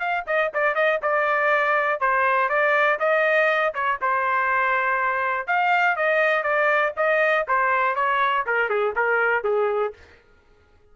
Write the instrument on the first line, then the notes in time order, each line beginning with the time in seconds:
trumpet
0.00 F5
0.27 D#5
0.54 D5
0.76 D#5
1.03 D5
2.01 C5
2.49 D5
3.00 D#5
3.75 C#5
4.02 C5
5.48 F5
5.97 D#5
6.43 D5
6.97 D#5
7.48 C5
7.96 C#5
8.47 A#4
8.70 G#4
8.96 A#4
9.44 G#4